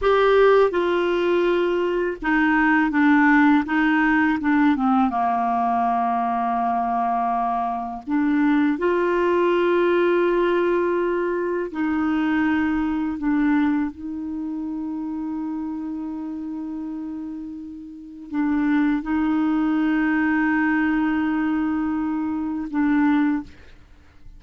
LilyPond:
\new Staff \with { instrumentName = "clarinet" } { \time 4/4 \tempo 4 = 82 g'4 f'2 dis'4 | d'4 dis'4 d'8 c'8 ais4~ | ais2. d'4 | f'1 |
dis'2 d'4 dis'4~ | dis'1~ | dis'4 d'4 dis'2~ | dis'2. d'4 | }